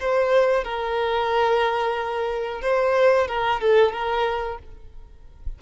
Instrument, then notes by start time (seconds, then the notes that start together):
violin
0.00 C5
0.64 A#4
2.62 C5
3.28 A#4
3.61 A4
3.92 A#4